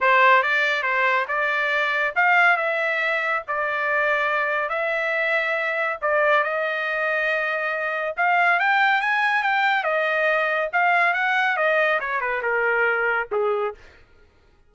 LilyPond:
\new Staff \with { instrumentName = "trumpet" } { \time 4/4 \tempo 4 = 140 c''4 d''4 c''4 d''4~ | d''4 f''4 e''2 | d''2. e''4~ | e''2 d''4 dis''4~ |
dis''2. f''4 | g''4 gis''4 g''4 dis''4~ | dis''4 f''4 fis''4 dis''4 | cis''8 b'8 ais'2 gis'4 | }